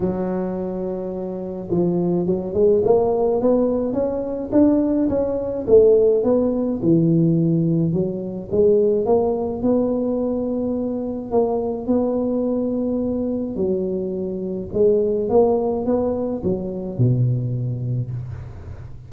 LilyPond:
\new Staff \with { instrumentName = "tuba" } { \time 4/4 \tempo 4 = 106 fis2. f4 | fis8 gis8 ais4 b4 cis'4 | d'4 cis'4 a4 b4 | e2 fis4 gis4 |
ais4 b2. | ais4 b2. | fis2 gis4 ais4 | b4 fis4 b,2 | }